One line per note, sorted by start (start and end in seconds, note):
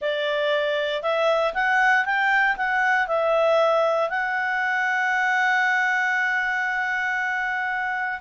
0.01 1.02 D5
1.02 1.53 E5
1.54 2.05 F#5
2.05 2.56 G5
2.56 3.07 F#5
3.07 4.09 E5
4.09 8.19 F#5